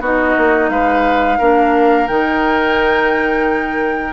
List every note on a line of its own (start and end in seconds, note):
0.00 0.34 B3
0.00 1.39 D#4
0.00 0.70 F#4
0.00 0.69 D#5
0.37 0.69 A#3
0.69 1.38 G#3
0.69 1.38 B4
0.69 2.07 F5
1.38 2.09 A#3
1.38 2.08 D4
1.38 4.13 A#4
2.07 4.13 D#3
2.07 4.13 D#4
2.07 4.13 G5